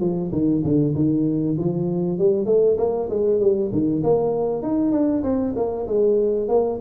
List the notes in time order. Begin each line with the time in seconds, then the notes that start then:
0.00 F3
0.32 D#3
0.64 D3
0.95 D#3
1.58 F3
2.18 G3
2.46 A3
2.78 A#3
3.10 G#3
3.40 G3
3.72 D#3
4.03 A#3
4.63 D#4
4.92 D4
5.23 C4
5.56 A#3
5.87 G#3
6.48 A#3